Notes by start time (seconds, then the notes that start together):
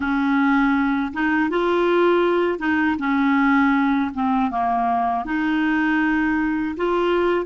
0.00 C#4
1.12 D#4
1.50 F4
2.59 D#4
2.98 C#4
4.14 C4
4.50 A#3
5.25 D#4
6.76 F4